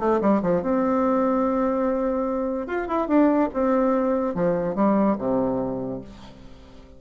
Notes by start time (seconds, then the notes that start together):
0.00 A3
0.22 G3
0.43 F3
0.63 C4
2.67 F4
2.88 E4
3.08 D4
3.54 C4
4.35 F3
4.75 G3
5.19 C3